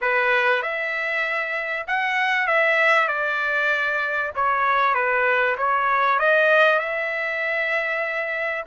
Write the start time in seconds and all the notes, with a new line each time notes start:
0.01 B4
0.62 E5
1.87 F#5
2.47 E5
3.08 D5
4.35 C#5
4.94 B4
5.57 C#5
6.19 D#5
6.79 E5